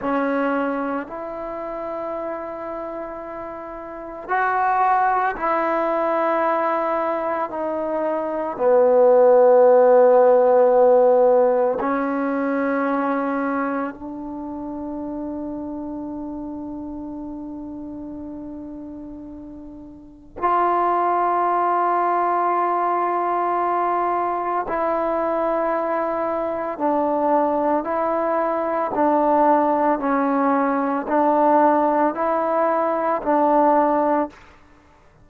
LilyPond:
\new Staff \with { instrumentName = "trombone" } { \time 4/4 \tempo 4 = 56 cis'4 e'2. | fis'4 e'2 dis'4 | b2. cis'4~ | cis'4 d'2.~ |
d'2. f'4~ | f'2. e'4~ | e'4 d'4 e'4 d'4 | cis'4 d'4 e'4 d'4 | }